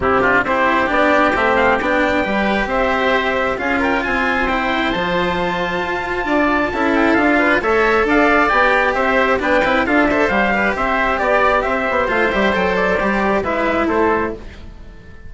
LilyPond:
<<
  \new Staff \with { instrumentName = "trumpet" } { \time 4/4 \tempo 4 = 134 g'4 c''4 d''4 e''8 f''8 | g''2 e''2 | f''8 g''8 gis''4 g''4 a''4~ | a''2.~ a''8 g''8 |
f''4 e''4 f''4 g''4 | e''4 g''4 f''8 e''8 f''4 | e''4 d''4 e''4 f''8 e''8 | g''8 d''4. e''4 c''4 | }
  \new Staff \with { instrumentName = "oboe" } { \time 4/4 e'8 f'8 g'2.~ | g'4 b'4 c''2 | gis'8 ais'8 c''2.~ | c''2 d''4 a'4~ |
a'8 b'8 cis''4 d''2 | c''4 b'4 a'8 c''4 b'8 | c''4 d''4 c''2~ | c''2 b'4 a'4 | }
  \new Staff \with { instrumentName = "cello" } { \time 4/4 c'8 d'8 e'4 d'4 c'4 | d'4 g'2. | f'2 e'4 f'4~ | f'2. e'4 |
f'4 a'2 g'4~ | g'4 d'8 e'8 f'8 a'8 g'4~ | g'2. f'8 g'8 | a'4 g'4 e'2 | }
  \new Staff \with { instrumentName = "bassoon" } { \time 4/4 c4 c'4 b4 a4 | b4 g4 c'2 | cis'4 c'2 f4~ | f4 f'4 d'4 cis'4 |
d'4 a4 d'4 b4 | c'4 b8 c'8 d'4 g4 | c'4 b4 c'8 b8 a8 g8 | fis4 g4 gis4 a4 | }
>>